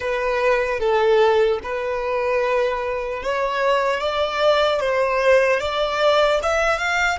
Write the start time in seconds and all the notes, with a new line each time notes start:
0.00 B4
0.79 A4
1.63 B4
3.22 C#5
4.00 D5
4.80 C5
5.60 D5
6.43 E5
6.78 F5